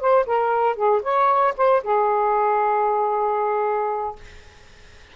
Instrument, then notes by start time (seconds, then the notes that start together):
saxophone
0.00 C5
0.26 A#4
0.76 G#4
1.03 C#5
1.57 C5
1.83 G#4